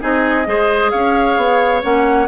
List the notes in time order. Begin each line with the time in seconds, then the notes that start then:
0.00 C4 D#4 G#4 D#5
0.46 G#3 G#4 C5
0.90 C#4 C#5 F5
1.37 B3
1.83 A#3 C#4 F#5